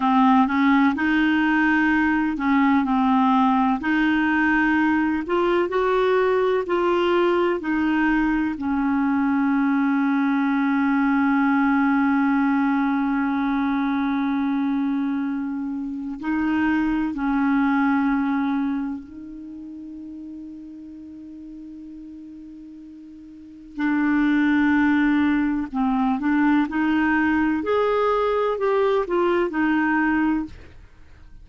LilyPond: \new Staff \with { instrumentName = "clarinet" } { \time 4/4 \tempo 4 = 63 c'8 cis'8 dis'4. cis'8 c'4 | dis'4. f'8 fis'4 f'4 | dis'4 cis'2.~ | cis'1~ |
cis'4 dis'4 cis'2 | dis'1~ | dis'4 d'2 c'8 d'8 | dis'4 gis'4 g'8 f'8 dis'4 | }